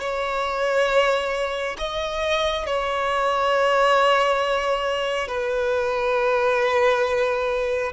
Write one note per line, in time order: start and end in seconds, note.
0.00 1.76 C#5
1.78 2.66 D#5
2.66 5.28 C#5
5.28 7.93 B4